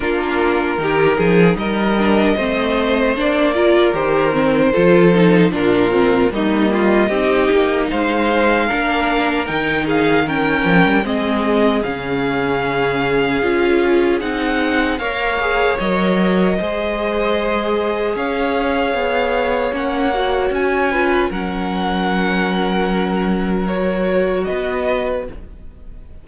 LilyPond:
<<
  \new Staff \with { instrumentName = "violin" } { \time 4/4 \tempo 4 = 76 ais'2 dis''2 | d''4 c''2 ais'4 | dis''2 f''2 | g''8 f''8 g''4 dis''4 f''4~ |
f''2 fis''4 f''4 | dis''2. f''4~ | f''4 fis''4 gis''4 fis''4~ | fis''2 cis''4 dis''4 | }
  \new Staff \with { instrumentName = "violin" } { \time 4/4 f'4 g'8 gis'8 ais'4 c''4~ | c''8 ais'4. a'4 f'4 | dis'8 f'8 g'4 c''4 ais'4~ | ais'8 gis'8 ais'4 gis'2~ |
gis'2. cis''4~ | cis''4 c''2 cis''4~ | cis''2~ cis''8 b'8 ais'4~ | ais'2. b'4 | }
  \new Staff \with { instrumentName = "viola" } { \time 4/4 d'4 dis'4. d'8 c'4 | d'8 f'8 g'8 c'8 f'8 dis'8 d'8 c'8 | ais4 dis'2 d'4 | dis'4 cis'4 c'4 cis'4~ |
cis'4 f'4 dis'4 ais'8 gis'8 | ais'4 gis'2.~ | gis'4 cis'8 fis'4 f'8 cis'4~ | cis'2 fis'2 | }
  \new Staff \with { instrumentName = "cello" } { \time 4/4 ais4 dis8 f8 g4 a4 | ais4 dis4 f4 ais,4 | g4 c'8 ais8 gis4 ais4 | dis4. f16 g16 gis4 cis4~ |
cis4 cis'4 c'4 ais4 | fis4 gis2 cis'4 | b4 ais4 cis'4 fis4~ | fis2. b4 | }
>>